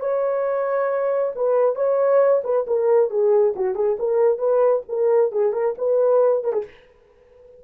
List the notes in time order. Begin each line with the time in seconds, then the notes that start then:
0.00 C#5
1.36 B4
1.76 C#5
2.44 B4
2.67 A#4
3.11 G#4
3.56 F#4
3.75 G#4
3.99 A#4
4.39 B4
4.89 A#4
5.32 G#4
5.53 A#4
5.78 B4
6.44 A#4
6.53 G#4